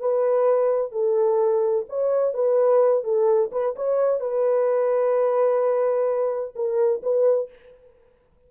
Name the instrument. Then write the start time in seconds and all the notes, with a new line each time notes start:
horn
0.00 B4
0.92 A4
1.89 C#5
2.34 B4
3.04 A4
3.52 B4
3.76 C#5
4.20 B4
6.56 A#4
7.03 B4